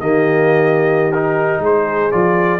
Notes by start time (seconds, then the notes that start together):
0.00 D#3 A#3 G4 D#5
1.11 D#4 A#4
1.60 G#3 G#4 C5
2.11 F3 F4 D5